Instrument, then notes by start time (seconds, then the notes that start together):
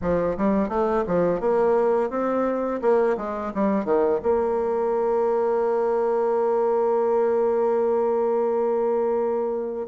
bassoon
0.01 F3
0.37 G3
0.69 A3
1.07 F3
1.40 A#3
2.10 C4
2.81 A#3
3.17 G#3
3.54 G3
3.84 D#3
4.23 A#3